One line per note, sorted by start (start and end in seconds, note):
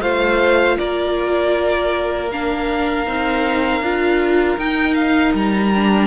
0.00 0.76 A3
0.00 2.29 F4
0.00 0.77 C5
0.00 0.77 F5
0.78 3.07 A#3
0.78 6.07 A#4
0.78 2.29 D5
2.31 3.06 D4
2.31 4.58 F5
3.06 3.81 C4
3.06 3.82 D#4
3.81 4.57 D4
3.81 4.58 F4
4.57 5.33 D#4
4.57 5.72 D#4
4.57 4.94 G5
4.94 5.32 F5
5.34 6.07 G3
5.34 6.07 A#5
5.75 6.07 D4